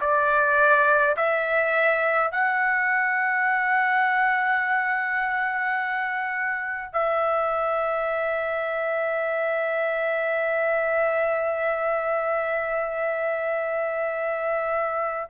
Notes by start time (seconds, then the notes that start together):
0.00 D5
1.16 E5
2.31 F#5
6.92 E5